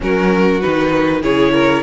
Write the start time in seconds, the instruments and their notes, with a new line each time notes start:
0.00 cello F#3, viola C#4, violin F#4 A#4
0.60 cello D#3, viola D#4, violin B4
1.21 cello C#3, viola E4, violin G#4 C#5
1.52 violin A#4